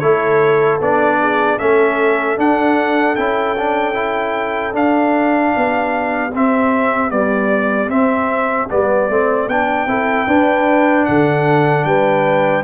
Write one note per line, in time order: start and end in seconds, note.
0.00 0.80 A3
0.00 0.81 E4
0.00 1.19 A4
0.00 0.79 C#5
0.80 1.59 B3
0.80 1.59 D4
0.80 1.59 D5
1.21 1.61 G#4
1.59 2.38 A3
1.59 2.38 C#4
1.59 5.55 A4
1.59 2.38 E5
2.38 3.17 D4
2.38 3.16 F#5
3.16 4.75 C#4
3.16 3.56 E4
3.16 4.74 G5
3.58 3.94 D4
3.94 4.73 E4
4.73 6.31 D4
4.73 5.54 D4
4.73 6.34 F5
5.55 6.35 B3
5.55 9.89 G4
6.35 7.11 C4
6.35 7.12 C4
6.35 7.11 E5
7.11 7.90 G3
7.11 7.89 B3
7.11 7.90 D5
7.89 8.68 C4
7.89 8.69 C4
7.89 8.69 E5
8.71 9.10 G3
8.71 9.10 B3
8.71 9.49 D5
9.10 9.48 A3
9.10 9.50 C4
9.48 9.87 B3
9.48 9.88 D4
9.48 11.05 G5
9.87 10.26 C4
9.87 10.28 E4
9.87 10.27 A4
10.27 11.06 D4
10.27 12.64 D4
10.27 11.06 B4
11.05 11.85 D3
11.05 11.87 A4
11.05 11.84 F#5
11.85 12.64 G3
11.85 12.64 B4
11.85 12.64 G5